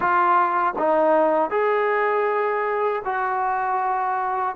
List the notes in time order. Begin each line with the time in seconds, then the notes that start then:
0.00 F4
0.78 D#4
1.50 G#4
3.04 F#4